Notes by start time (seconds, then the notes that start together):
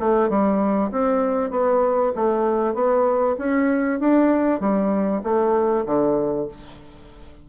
0.00 A3
0.30 G3
0.92 C4
1.51 B3
2.15 A3
2.74 B3
3.38 C#4
4.00 D4
4.60 G3
5.24 A3
5.86 D3